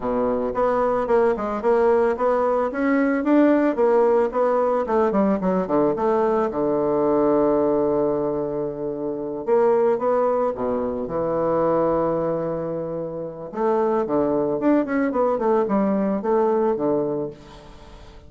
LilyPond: \new Staff \with { instrumentName = "bassoon" } { \time 4/4 \tempo 4 = 111 b,4 b4 ais8 gis8 ais4 | b4 cis'4 d'4 ais4 | b4 a8 g8 fis8 d8 a4 | d1~ |
d4. ais4 b4 b,8~ | b,8 e2.~ e8~ | e4 a4 d4 d'8 cis'8 | b8 a8 g4 a4 d4 | }